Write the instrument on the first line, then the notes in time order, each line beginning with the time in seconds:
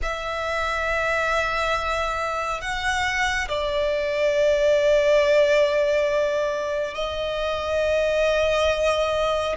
violin
0.02 E5
2.61 F#5
3.48 D5
6.94 D#5